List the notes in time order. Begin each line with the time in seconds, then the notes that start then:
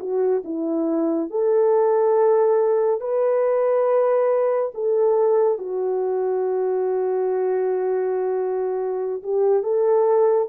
0.00 F#4
0.44 E4
1.30 A4
3.01 B4
4.75 A4
5.59 F#4
9.23 G4
9.63 A4